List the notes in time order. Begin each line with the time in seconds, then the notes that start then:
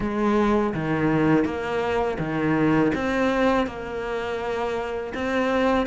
0.00 G#3
0.74 D#3
1.44 A#3
2.19 D#3
2.94 C4
3.66 A#3
5.14 C4